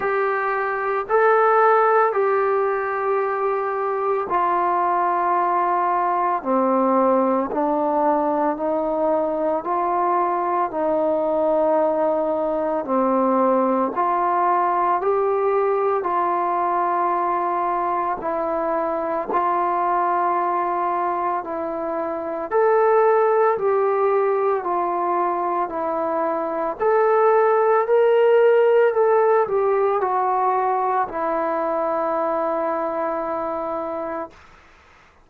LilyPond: \new Staff \with { instrumentName = "trombone" } { \time 4/4 \tempo 4 = 56 g'4 a'4 g'2 | f'2 c'4 d'4 | dis'4 f'4 dis'2 | c'4 f'4 g'4 f'4~ |
f'4 e'4 f'2 | e'4 a'4 g'4 f'4 | e'4 a'4 ais'4 a'8 g'8 | fis'4 e'2. | }